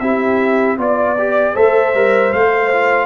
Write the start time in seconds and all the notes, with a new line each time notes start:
0.00 C4 E4 G4 E5
0.78 B3 F4 D5
1.19 G4
1.55 A3 A4 C5 E5
1.94 G3 A#4
2.32 A3 C5 F5
2.72 F4